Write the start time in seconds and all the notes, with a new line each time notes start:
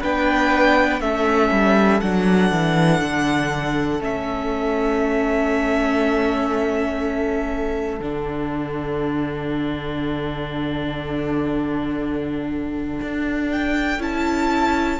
0.00 B3 D4 B4 G5
1.00 A3 C#4 A4 E5
1.51 G3
2.00 F#3 D4 F#5
2.51 E3
3.01 D3
4.00 A3 C#4 E5
8.00 D3 D4 F#5
13.01 D4
13.51 G5
13.98 C#4 E4 A5